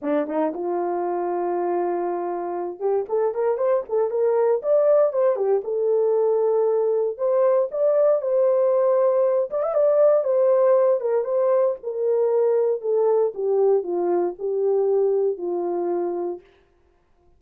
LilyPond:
\new Staff \with { instrumentName = "horn" } { \time 4/4 \tempo 4 = 117 d'8 dis'8 f'2.~ | f'4. g'8 a'8 ais'8 c''8 a'8 | ais'4 d''4 c''8 g'8 a'4~ | a'2 c''4 d''4 |
c''2~ c''8 d''16 e''16 d''4 | c''4. ais'8 c''4 ais'4~ | ais'4 a'4 g'4 f'4 | g'2 f'2 | }